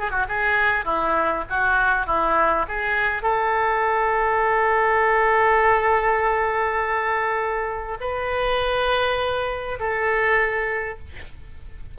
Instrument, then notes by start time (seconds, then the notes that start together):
oboe
0.00 G#4
0.11 F#4
0.29 G#4
0.85 E4
1.50 F#4
2.07 E4
2.69 G#4
3.23 A4
8.01 B4
9.80 A4